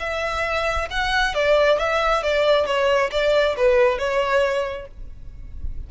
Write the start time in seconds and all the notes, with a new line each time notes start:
0.00 E5
0.91 F#5
1.35 D5
1.79 E5
2.23 D5
2.66 C#5
3.12 D5
3.57 B4
3.99 C#5